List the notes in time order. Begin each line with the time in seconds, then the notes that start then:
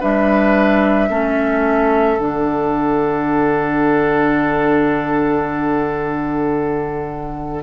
0.00 G3 D4 B4 E5
1.09 A3 C#4 A4
2.18 D3 D4 F#5